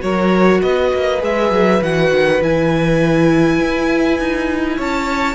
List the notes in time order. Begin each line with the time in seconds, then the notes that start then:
0.00 F#3 F#4 A#4 C#5
0.62 B3 B4 D#5
0.94 A#3
1.20 G#3 G#4 E5
1.51 F#3
1.82 E3 F#4 F#5
2.11 D#3
2.41 E3 E4 G#5
3.61 E4
4.20 D#4
4.77 C#4 C#5 A5